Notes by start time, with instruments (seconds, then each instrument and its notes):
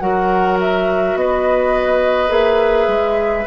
0.00 bassoon F#3, clarinet F#4, oboe A#4, flute F#5
0.60 flute E5
1.15 bassoon B3, oboe B4, flute D#5
2.29 bassoon A#3, clarinet G#4, flute E5
2.87 bassoon G#3